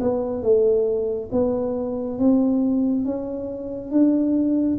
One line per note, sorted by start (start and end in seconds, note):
0.00 0.42 B3
0.42 1.29 A3
1.32 2.19 B3
2.19 3.05 C4
3.05 3.91 C#4
3.91 4.78 D4